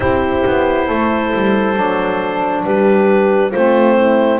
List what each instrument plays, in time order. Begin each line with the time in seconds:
0.00 double bass C4, saxophone E4, horn G4, clarinet C5
0.46 double bass B3
0.87 double bass A3, horn A4
1.33 double bass G3
1.74 double bass F#3, saxophone D4
2.65 double bass G3, horn G4, clarinet B4
3.51 double bass A3, saxophone C4, horn F4, clarinet C5
3.96 horn E4